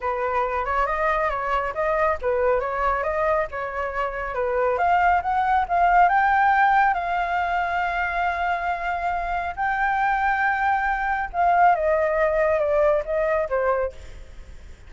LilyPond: \new Staff \with { instrumentName = "flute" } { \time 4/4 \tempo 4 = 138 b'4. cis''8 dis''4 cis''4 | dis''4 b'4 cis''4 dis''4 | cis''2 b'4 f''4 | fis''4 f''4 g''2 |
f''1~ | f''2 g''2~ | g''2 f''4 dis''4~ | dis''4 d''4 dis''4 c''4 | }